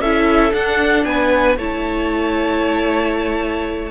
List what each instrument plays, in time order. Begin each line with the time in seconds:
0.00 cello C#4, viola E4, violin A4 E5
0.52 viola D4, cello D4, violin F#5
1.04 cello B3, violin B4 G#5
1.57 cello A3, viola E4, violin C#5 A5